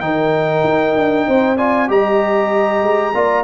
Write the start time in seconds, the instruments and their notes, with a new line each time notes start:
0.00 tuba D#3, trombone D#4, horn A#4, trumpet G5
0.64 tuba D#4
0.96 tuba D4
1.27 tuba C4, horn C5
1.57 trombone F4, horn D5, trumpet G#5
1.88 tuba G3, trombone G4, horn D#5, trumpet A#5
2.82 tuba G#3
3.14 tuba A#3, trombone F4, horn D5